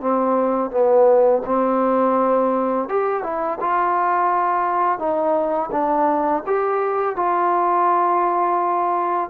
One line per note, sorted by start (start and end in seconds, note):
0.00 0.70 C4
0.70 1.42 B3
1.45 2.88 C4
2.88 3.23 G4
3.23 3.58 E4
3.60 4.98 F4
4.98 5.70 D#4
5.71 6.43 D4
6.46 7.16 G4
7.16 9.29 F4